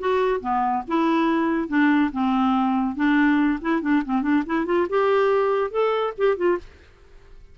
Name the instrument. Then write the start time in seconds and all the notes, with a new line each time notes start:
clarinet
0.00 F#4
0.41 B3
0.88 E4
1.68 D4
2.12 C4
2.96 D4
3.62 E4
3.82 D4
4.05 C4
4.22 D4
4.46 E4
4.66 F4
4.90 G4
5.71 A4
6.18 G4
6.37 F4